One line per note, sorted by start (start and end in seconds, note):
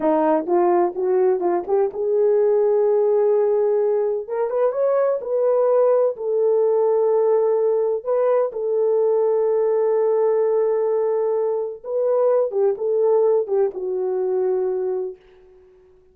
0.00 0.46 D#4
0.46 0.93 F4
0.95 1.40 F#4
1.40 1.63 F4
1.67 1.90 G4
1.93 4.27 G#4
4.27 4.49 A#4
4.49 4.72 B4
4.72 5.19 C#5
5.21 6.15 B4
6.16 8.04 A4
8.04 8.51 B4
8.52 11.83 A4
11.84 12.51 B4
12.51 12.75 G4
12.77 13.47 A4
13.47 13.70 G4
13.74 15.15 F#4